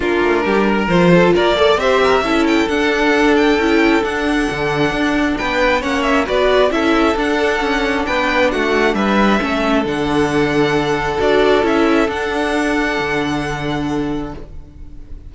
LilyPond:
<<
  \new Staff \with { instrumentName = "violin" } { \time 4/4 \tempo 4 = 134 ais'2 c''4 d''4 | e''4. g''8 fis''4. g''8~ | g''4 fis''2. | g''4 fis''8 e''8 d''4 e''4 |
fis''2 g''4 fis''4 | e''2 fis''2~ | fis''4 d''4 e''4 fis''4~ | fis''1 | }
  \new Staff \with { instrumentName = "violin" } { \time 4/4 f'4 g'8 ais'4 a'8 ais'8 d''8 | c''8 ais'8 a'2.~ | a'1 | b'4 cis''4 b'4 a'4~ |
a'2 b'4 fis'4 | b'4 a'2.~ | a'1~ | a'1 | }
  \new Staff \with { instrumentName = "viola" } { \time 4/4 d'2 f'4. a'8 | g'4 e'4 d'2 | e'4 d'2.~ | d'4 cis'4 fis'4 e'4 |
d'1~ | d'4 cis'4 d'2~ | d'4 fis'4 e'4 d'4~ | d'1 | }
  \new Staff \with { instrumentName = "cello" } { \time 4/4 ais8 a8 g4 f4 ais4 | c'4 cis'4 d'2 | cis'4 d'4 d4 d'4 | b4 ais4 b4 cis'4 |
d'4 cis'4 b4 a4 | g4 a4 d2~ | d4 d'4 cis'4 d'4~ | d'4 d2. | }
>>